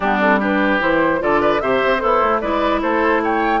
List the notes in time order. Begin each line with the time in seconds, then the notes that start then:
0.00 G3 B3 D4 G4
0.20 C4 A4
0.39 D4 G4 B4
0.79 E3 E4 C5
1.19 D3 F4 A4 D5
1.41 B4
1.60 C3 G4 C5 E5
1.84 C4
1.98 B3 E4 A4 C5
2.22 A3
2.40 G#3 E4 B4 D5
2.81 A3 A4 C5
3.23 C#5 G5